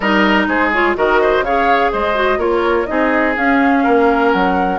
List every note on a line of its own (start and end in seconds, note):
0.00 0.47 G3
0.00 0.74 D#4
0.00 0.47 A#4
0.00 0.46 D#5
0.47 0.95 G#3
0.47 0.96 G#4
0.47 0.72 C5
0.72 0.96 F4
0.72 0.96 C#5
0.96 1.41 D#3
0.96 1.44 F#4
0.96 1.21 A#4
0.96 1.44 D#5
1.21 1.45 C5
1.41 1.89 C#3
1.41 2.14 G#4
1.41 1.91 C#5
1.41 1.92 F5
1.91 2.37 G#3
1.91 2.38 C5
1.91 2.40 D#5
2.14 2.38 F#4
2.37 2.85 A#3
2.37 2.86 F4
2.37 2.86 A#4
2.37 2.86 C#5
2.86 3.37 C4
2.86 3.34 D#4
2.86 3.83 G#4
2.86 3.34 D#5
3.36 3.85 C#4
3.36 4.79 C#4
3.36 4.31 F5
3.83 4.34 A#3
3.83 4.79 A#4
4.31 4.79 F#3
4.31 4.79 F#5